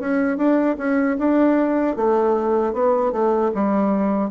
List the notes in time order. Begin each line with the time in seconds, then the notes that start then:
0.00 C#4
0.37 D4
0.78 C#4
1.19 D4
1.96 A3
2.73 B3
3.12 A3
3.55 G3